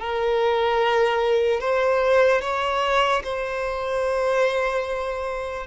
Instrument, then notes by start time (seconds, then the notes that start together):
violin
0.00 A#4
1.60 C5
2.41 C#5
3.24 C5